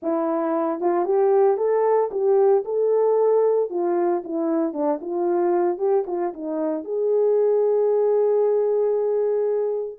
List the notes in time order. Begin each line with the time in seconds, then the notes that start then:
0.02 E4
0.80 F4
1.05 G4
1.57 A4
2.11 G4
2.64 A4
3.70 F4
4.24 E4
4.73 D4
5.01 F4
5.78 G4
6.06 F4
6.33 D#4
6.84 G#4